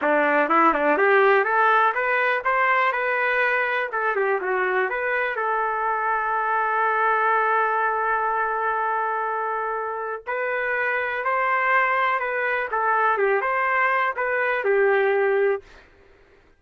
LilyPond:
\new Staff \with { instrumentName = "trumpet" } { \time 4/4 \tempo 4 = 123 d'4 e'8 d'8 g'4 a'4 | b'4 c''4 b'2 | a'8 g'8 fis'4 b'4 a'4~ | a'1~ |
a'1~ | a'4 b'2 c''4~ | c''4 b'4 a'4 g'8 c''8~ | c''4 b'4 g'2 | }